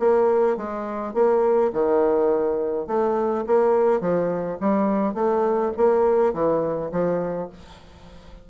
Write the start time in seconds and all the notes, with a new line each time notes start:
0.00 A#3
0.57 G#3
1.14 A#3
1.73 D#3
2.87 A3
3.47 A#3
4.01 F3
4.60 G3
5.15 A3
5.77 A#3
6.34 E3
6.92 F3